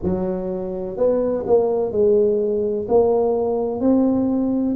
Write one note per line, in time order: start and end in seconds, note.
0.03 0.96 F#3
0.96 1.44 B3
1.46 1.91 A#3
1.91 2.86 G#3
2.88 3.80 A#3
3.80 4.75 C4